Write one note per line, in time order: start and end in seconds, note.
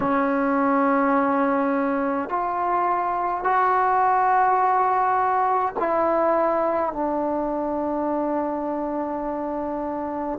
0.00 2.29 C#4
2.29 3.43 F4
3.43 5.74 F#4
5.78 6.92 E4
6.92 10.38 D4